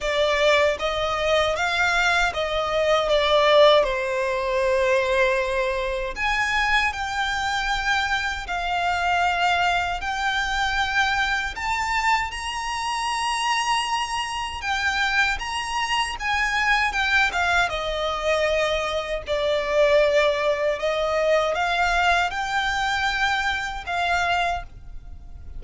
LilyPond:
\new Staff \with { instrumentName = "violin" } { \time 4/4 \tempo 4 = 78 d''4 dis''4 f''4 dis''4 | d''4 c''2. | gis''4 g''2 f''4~ | f''4 g''2 a''4 |
ais''2. g''4 | ais''4 gis''4 g''8 f''8 dis''4~ | dis''4 d''2 dis''4 | f''4 g''2 f''4 | }